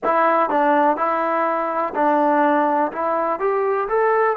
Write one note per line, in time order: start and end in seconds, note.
0.04 0.49 E4
0.49 0.97 D4
0.97 1.94 E4
1.94 2.91 D4
2.92 3.39 E4
3.39 3.88 G4
3.88 4.36 A4